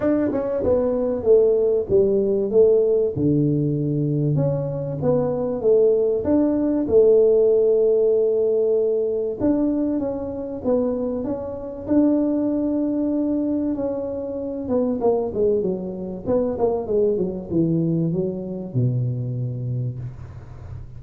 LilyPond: \new Staff \with { instrumentName = "tuba" } { \time 4/4 \tempo 4 = 96 d'8 cis'8 b4 a4 g4 | a4 d2 cis'4 | b4 a4 d'4 a4~ | a2. d'4 |
cis'4 b4 cis'4 d'4~ | d'2 cis'4. b8 | ais8 gis8 fis4 b8 ais8 gis8 fis8 | e4 fis4 b,2 | }